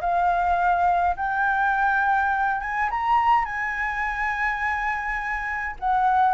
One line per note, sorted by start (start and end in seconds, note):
0.00 1.15 F5
1.16 2.60 G5
2.60 2.89 G#5
2.90 3.45 A#5
3.45 5.76 G#5
5.79 6.34 F#5